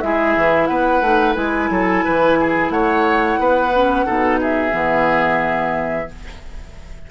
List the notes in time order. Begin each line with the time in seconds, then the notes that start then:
0.00 G#3 E4 G#4 E5
0.36 E3
0.66 B3 B4 F#5
1.01 A3 D#4
1.34 G#3 E4 G#5
1.70 F#3 A4
2.05 E3 B4
2.40 G#4
2.70 A3 C#5 F#5
3.38 B3 B4
3.75 C#4
4.06 B2 D#4 A4
4.40 G#4 E5
4.71 E3 B3